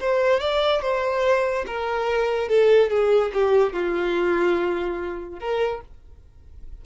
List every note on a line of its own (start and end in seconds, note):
0.00 0.40 C5
0.40 0.82 D5
0.82 1.65 C5
1.66 2.48 A#4
2.48 2.90 A4
2.90 3.32 G#4
3.33 3.73 G4
3.73 5.39 F4
5.39 5.81 A#4